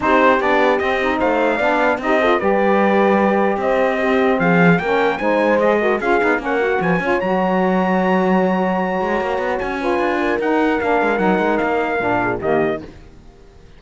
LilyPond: <<
  \new Staff \with { instrumentName = "trumpet" } { \time 4/4 \tempo 4 = 150 c''4 d''4 dis''4 f''4~ | f''4 dis''4 d''2~ | d''4 dis''2 f''4 | g''4 gis''4 dis''4 f''4 |
fis''4 gis''4 ais''2~ | ais''1 | gis''2 fis''4 f''4 | fis''4 f''2 dis''4 | }
  \new Staff \with { instrumentName = "horn" } { \time 4/4 g'2. c''4 | d''4 g'8 a'8 b'2~ | b'4 c''4 g'4 gis'4 | ais'4 c''4. ais'8 gis'4 |
ais'4 b'8 cis''2~ cis''8~ | cis''1~ | cis''8 b'4 ais'2~ ais'8~ | ais'2~ ais'8 gis'8 g'4 | }
  \new Staff \with { instrumentName = "saxophone" } { \time 4/4 dis'4 d'4 c'8 dis'4. | d'4 dis'8 f'8 g'2~ | g'2 c'2 | cis'4 dis'4 gis'8 fis'8 f'8 dis'8 |
cis'8 fis'4 f'8 fis'2~ | fis'1~ | fis'8 f'4. dis'4 d'4 | dis'2 d'4 ais4 | }
  \new Staff \with { instrumentName = "cello" } { \time 4/4 c'4 b4 c'4 a4 | b4 c'4 g2~ | g4 c'2 f4 | ais4 gis2 cis'8 b8 |
ais4 f8 cis'8 fis2~ | fis2~ fis8 gis8 ais8 b8 | cis'4 d'4 dis'4 ais8 gis8 | fis8 gis8 ais4 ais,4 dis4 | }
>>